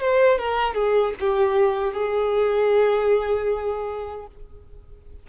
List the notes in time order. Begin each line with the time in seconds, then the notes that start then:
0.00 C5
0.38 A#4
0.74 G#4
1.20 G4
1.93 G#4